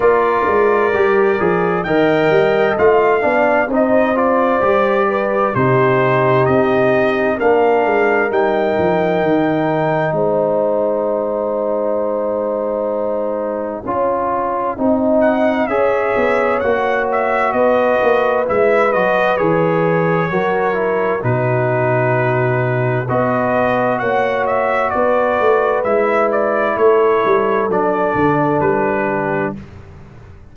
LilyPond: <<
  \new Staff \with { instrumentName = "trumpet" } { \time 4/4 \tempo 4 = 65 d''2 g''4 f''4 | dis''8 d''4. c''4 dis''4 | f''4 g''2 gis''4~ | gis''1~ |
gis''8 fis''8 e''4 fis''8 e''8 dis''4 | e''8 dis''8 cis''2 b'4~ | b'4 dis''4 fis''8 e''8 d''4 | e''8 d''8 cis''4 d''4 b'4 | }
  \new Staff \with { instrumentName = "horn" } { \time 4/4 ais'2 dis''4. d''8 | c''4. b'8 g'2 | ais'2. c''4~ | c''2. cis''4 |
dis''4 cis''2 b'4~ | b'2 ais'4 fis'4~ | fis'4 b'4 cis''4 b'4~ | b'4 a'2~ a'8 g'8 | }
  \new Staff \with { instrumentName = "trombone" } { \time 4/4 f'4 g'8 gis'8 ais'4 f'8 d'8 | dis'8 f'8 g'4 dis'2 | d'4 dis'2.~ | dis'2. f'4 |
dis'4 gis'4 fis'2 | e'8 fis'8 gis'4 fis'8 e'8 dis'4~ | dis'4 fis'2. | e'2 d'2 | }
  \new Staff \with { instrumentName = "tuba" } { \time 4/4 ais8 gis8 g8 f8 dis8 g8 a8 b8 | c'4 g4 c4 c'4 | ais8 gis8 g8 f8 dis4 gis4~ | gis2. cis'4 |
c'4 cis'8 b8 ais4 b8 ais8 | gis8 fis8 e4 fis4 b,4~ | b,4 b4 ais4 b8 a8 | gis4 a8 g8 fis8 d8 g4 | }
>>